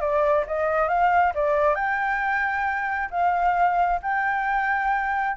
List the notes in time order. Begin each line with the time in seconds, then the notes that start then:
0.00 D5
0.47 D#5
0.88 F5
1.34 D5
1.75 G5
3.10 F5
4.02 G5